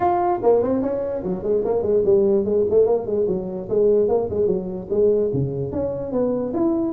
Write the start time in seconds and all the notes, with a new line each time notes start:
0.00 F4
0.42 A#3
0.62 C4
0.82 C#4
1.23 F#3
1.43 G#3
1.64 A#3
1.82 G#3
2.05 G3
2.45 G#3
2.70 A3
2.86 A#3
3.06 G#3
3.27 F#3
3.69 G#3
4.08 A#3
4.29 G#3
4.46 F#3
4.90 G#3
5.33 C#3
5.71 C#4
6.12 B3
6.53 E4